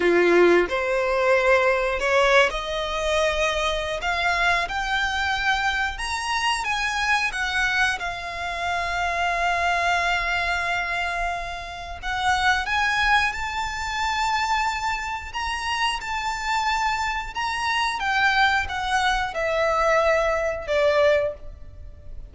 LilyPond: \new Staff \with { instrumentName = "violin" } { \time 4/4 \tempo 4 = 90 f'4 c''2 cis''8. dis''16~ | dis''2 f''4 g''4~ | g''4 ais''4 gis''4 fis''4 | f''1~ |
f''2 fis''4 gis''4 | a''2. ais''4 | a''2 ais''4 g''4 | fis''4 e''2 d''4 | }